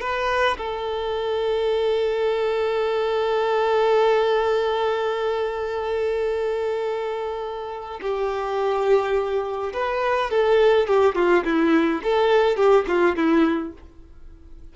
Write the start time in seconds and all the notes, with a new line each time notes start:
0.00 B4
0.57 A4
8.01 G4
9.73 B4
10.30 A4
10.87 G4
11.15 F4
11.44 E4
12.03 A4
12.56 G4
12.88 F4
13.16 E4